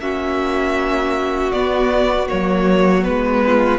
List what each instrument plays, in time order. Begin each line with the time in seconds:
0.00 cello A#3, viola C#4, violin F#4 E5
1.52 viola B3, cello B3, violin D5
2.28 cello F#3, viola A#3, violin C#5
3.03 cello G#3, viola B3, violin B4
3.46 violin F4